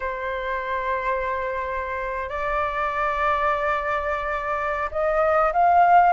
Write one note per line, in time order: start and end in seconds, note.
0.00 2.29 C5
2.29 4.89 D5
4.91 5.52 D#5
5.52 6.12 F5